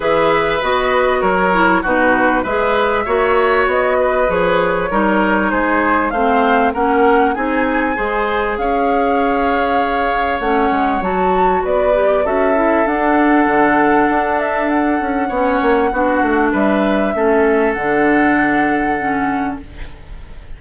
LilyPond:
<<
  \new Staff \with { instrumentName = "flute" } { \time 4/4 \tempo 4 = 98 e''4 dis''4 cis''4 b'4 | e''2 dis''4 cis''4~ | cis''4 c''4 f''4 fis''4 | gis''2 f''2~ |
f''4 fis''4 a''4 d''4 | e''4 fis''2~ fis''8 e''8 | fis''2. e''4~ | e''4 fis''2. | }
  \new Staff \with { instrumentName = "oboe" } { \time 4/4 b'2 ais'4 fis'4 | b'4 cis''4. b'4. | ais'4 gis'4 c''4 ais'4 | gis'4 c''4 cis''2~ |
cis''2. b'4 | a'1~ | a'4 cis''4 fis'4 b'4 | a'1 | }
  \new Staff \with { instrumentName = "clarinet" } { \time 4/4 gis'4 fis'4. e'8 dis'4 | gis'4 fis'2 gis'4 | dis'2 c'4 cis'4 | dis'4 gis'2.~ |
gis'4 cis'4 fis'4. g'8 | fis'8 e'8 d'2.~ | d'4 cis'4 d'2 | cis'4 d'2 cis'4 | }
  \new Staff \with { instrumentName = "bassoon" } { \time 4/4 e4 b4 fis4 b,4 | gis4 ais4 b4 f4 | g4 gis4 a4 ais4 | c'4 gis4 cis'2~ |
cis'4 a8 gis8 fis4 b4 | cis'4 d'4 d4 d'4~ | d'8 cis'8 b8 ais8 b8 a8 g4 | a4 d2. | }
>>